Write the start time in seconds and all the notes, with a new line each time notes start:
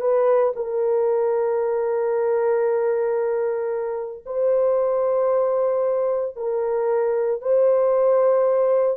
0.00 B4
0.56 A#4
4.26 C5
6.36 A#4
7.41 C5